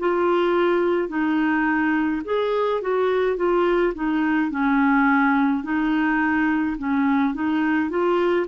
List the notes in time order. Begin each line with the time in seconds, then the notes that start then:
0.00 F4
1.09 D#4
2.25 G#4
2.82 F#4
3.37 F4
3.95 D#4
4.51 C#4
5.64 D#4
6.78 C#4
7.34 D#4
7.90 F4